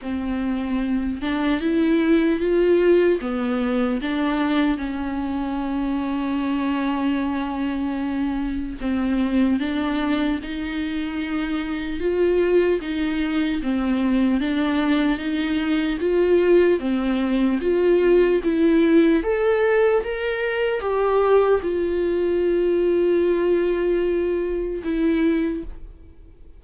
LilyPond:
\new Staff \with { instrumentName = "viola" } { \time 4/4 \tempo 4 = 75 c'4. d'8 e'4 f'4 | b4 d'4 cis'2~ | cis'2. c'4 | d'4 dis'2 f'4 |
dis'4 c'4 d'4 dis'4 | f'4 c'4 f'4 e'4 | a'4 ais'4 g'4 f'4~ | f'2. e'4 | }